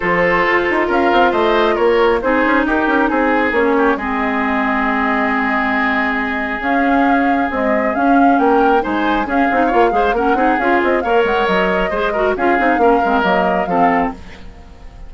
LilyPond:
<<
  \new Staff \with { instrumentName = "flute" } { \time 4/4 \tempo 4 = 136 c''2 f''4 dis''4 | cis''4 c''4 ais'4 gis'4 | cis''4 dis''2.~ | dis''2. f''4~ |
f''4 dis''4 f''4 g''4 | gis''4 f''2 fis''4 | f''8 dis''8 f''8 fis''8 dis''2 | f''2 dis''4 f''4 | }
  \new Staff \with { instrumentName = "oboe" } { \time 4/4 a'2 ais'4 c''4 | ais'4 gis'4 g'4 gis'4~ | gis'8 g'8 gis'2.~ | gis'1~ |
gis'2. ais'4 | c''4 gis'4 cis''8 c''8 ais'8 gis'8~ | gis'4 cis''2 c''8 ais'8 | gis'4 ais'2 a'4 | }
  \new Staff \with { instrumentName = "clarinet" } { \time 4/4 f'1~ | f'4 dis'2. | cis'4 c'2.~ | c'2. cis'4~ |
cis'4 gis4 cis'2 | dis'4 cis'8 dis'8 f'8 gis'8 cis'8 dis'8 | f'4 ais'2 gis'8 fis'8 | f'8 dis'8 cis'8 c'8 ais4 c'4 | }
  \new Staff \with { instrumentName = "bassoon" } { \time 4/4 f4 f'8 dis'8 cis'8 c'8 a4 | ais4 c'8 cis'8 dis'8 cis'8 c'4 | ais4 gis2.~ | gis2. cis'4~ |
cis'4 c'4 cis'4 ais4 | gis4 cis'8 c'8 ais8 gis8 ais8 c'8 | cis'8 c'8 ais8 gis8 fis4 gis4 | cis'8 c'8 ais8 gis8 fis4 f4 | }
>>